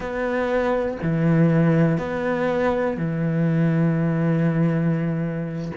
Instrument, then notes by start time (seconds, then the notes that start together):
cello
0.00 B3
1.02 E3
1.97 B3
2.97 E3